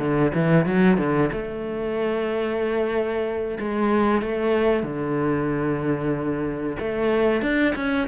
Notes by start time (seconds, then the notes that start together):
0.00 D3
0.35 E3
0.66 F#3
0.98 D3
1.33 A3
3.60 G#3
4.22 A3
4.84 D3
6.80 A3
7.42 D4
7.76 C#4